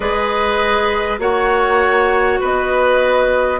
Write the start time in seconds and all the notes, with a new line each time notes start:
0.00 G#3 G#4 B4 D#5
1.18 A#3 F#4 C#5 F#5
2.40 B3 B4 D#5